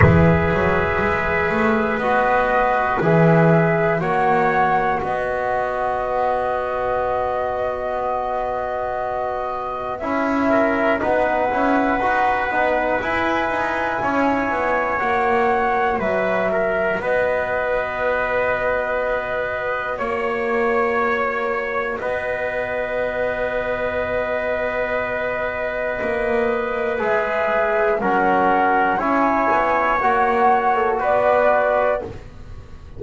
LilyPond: <<
  \new Staff \with { instrumentName = "flute" } { \time 4/4 \tempo 4 = 60 e''2 dis''4 e''4 | fis''4 dis''2.~ | dis''2 e''4 fis''4~ | fis''4 gis''2 fis''4 |
e''4 dis''2. | cis''2 dis''2~ | dis''2. e''4 | fis''4 gis''4 fis''8. a'16 d''4 | }
  \new Staff \with { instrumentName = "trumpet" } { \time 4/4 b'1 | cis''4 b'2.~ | b'2~ b'8 ais'8 b'4~ | b'2 cis''2 |
b'8 ais'8 b'2. | cis''2 b'2~ | b'1 | ais'4 cis''2 b'4 | }
  \new Staff \with { instrumentName = "trombone" } { \time 4/4 gis'2 fis'4 gis'4 | fis'1~ | fis'2 e'4 dis'8 e'8 | fis'8 dis'8 e'2 fis'4~ |
fis'1~ | fis'1~ | fis'2. gis'4 | cis'4 e'4 fis'2 | }
  \new Staff \with { instrumentName = "double bass" } { \time 4/4 e8 fis8 gis8 a8 b4 e4 | ais4 b2.~ | b2 cis'4 b8 cis'8 | dis'8 b8 e'8 dis'8 cis'8 b8 ais4 |
fis4 b2. | ais2 b2~ | b2 ais4 gis4 | fis4 cis'8 b8 ais4 b4 | }
>>